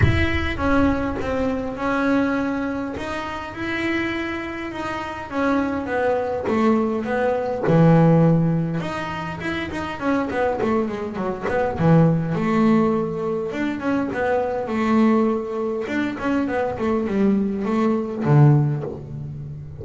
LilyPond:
\new Staff \with { instrumentName = "double bass" } { \time 4/4 \tempo 4 = 102 e'4 cis'4 c'4 cis'4~ | cis'4 dis'4 e'2 | dis'4 cis'4 b4 a4 | b4 e2 dis'4 |
e'8 dis'8 cis'8 b8 a8 gis8 fis8 b8 | e4 a2 d'8 cis'8 | b4 a2 d'8 cis'8 | b8 a8 g4 a4 d4 | }